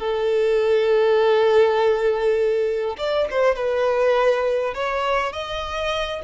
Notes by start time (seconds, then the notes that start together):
0.00 A4
2.98 D5
3.31 C5
3.56 B4
4.75 C#5
5.33 D#5